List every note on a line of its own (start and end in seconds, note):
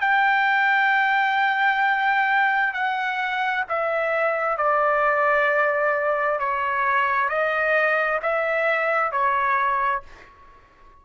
0.00 2.73 G5
2.73 3.64 F#5
3.69 4.57 E5
4.57 6.39 D5
6.39 7.29 C#5
7.29 8.20 D#5
8.22 9.11 E5
9.11 10.02 C#5